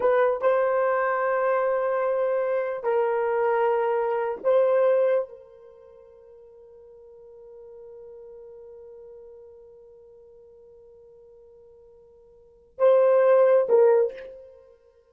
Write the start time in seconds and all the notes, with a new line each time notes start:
0.00 B4
0.41 C5
2.83 A#4
4.43 C5
5.28 A#4
12.78 C5
13.69 A#4